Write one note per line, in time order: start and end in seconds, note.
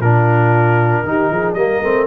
0.00 1.03 A#2
0.00 1.06 D4
0.00 1.05 F4
0.00 1.54 A#4
1.04 1.29 D#3
1.04 1.57 D#4
1.04 1.32 G4
1.32 1.55 F3
1.32 1.58 G#4
1.54 1.81 G3
1.54 1.83 A#3
1.54 2.07 A#4
1.54 2.06 D#5
1.82 2.07 A3
1.82 2.07 C4